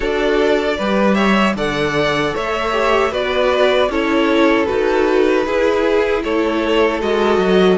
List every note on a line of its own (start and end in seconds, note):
0.00 0.78 D4
0.00 0.76 F#4
0.00 0.77 A4
0.00 1.14 D5
0.77 1.55 G3
0.77 1.56 G4
0.77 1.15 B4
1.14 1.54 C#5
1.14 1.53 E5
1.55 2.33 D3
1.55 2.72 A4
1.55 2.34 D5
1.55 2.35 F#5
2.34 3.12 A3
2.34 3.11 C#5
2.34 3.13 E5
2.72 3.11 G4
3.11 3.88 B3
3.11 3.89 F#4
3.11 3.89 B4
3.11 3.91 D5
3.88 4.66 C#4
3.88 4.66 E4
3.88 5.45 A4
3.88 4.65 C#5
4.65 5.46 D#4
4.65 5.44 F#4
4.65 6.21 B4
5.45 6.24 E4
5.45 7.01 E4
5.45 6.23 G#4
6.23 7.02 A3
6.23 7.78 A4
6.23 7.01 C#5
7.01 7.37 G#3
7.01 7.78 F#4
7.01 7.78 D#5
7.37 7.76 F#3